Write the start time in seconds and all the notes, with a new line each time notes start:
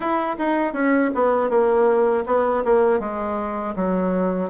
0.00 E4
0.38 D#4
0.73 C#4
1.14 B3
1.49 A#3
2.26 B3
2.64 A#3
2.99 G#3
3.75 F#3